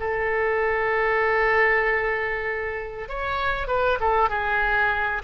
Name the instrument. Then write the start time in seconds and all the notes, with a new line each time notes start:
oboe
0.00 A4
3.09 C#5
3.68 B4
4.01 A4
4.30 G#4